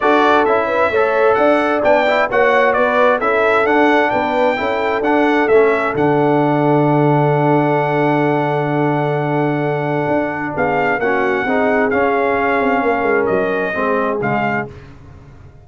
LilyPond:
<<
  \new Staff \with { instrumentName = "trumpet" } { \time 4/4 \tempo 4 = 131 d''4 e''2 fis''4 | g''4 fis''4 d''4 e''4 | fis''4 g''2 fis''4 | e''4 fis''2.~ |
fis''1~ | fis''2. f''4 | fis''2 f''2~ | f''4 dis''2 f''4 | }
  \new Staff \with { instrumentName = "horn" } { \time 4/4 a'4. b'8 cis''4 d''4~ | d''4 cis''4 b'4 a'4~ | a'4 b'4 a'2~ | a'1~ |
a'1~ | a'2. gis'4 | fis'4 gis'2. | ais'2 gis'2 | }
  \new Staff \with { instrumentName = "trombone" } { \time 4/4 fis'4 e'4 a'2 | d'8 e'8 fis'2 e'4 | d'2 e'4 d'4 | cis'4 d'2.~ |
d'1~ | d'1 | cis'4 dis'4 cis'2~ | cis'2 c'4 gis4 | }
  \new Staff \with { instrumentName = "tuba" } { \time 4/4 d'4 cis'4 a4 d'4 | b4 ais4 b4 cis'4 | d'4 b4 cis'4 d'4 | a4 d2.~ |
d1~ | d2 d'4 b4 | ais4 c'4 cis'4. c'8 | ais8 gis8 fis4 gis4 cis4 | }
>>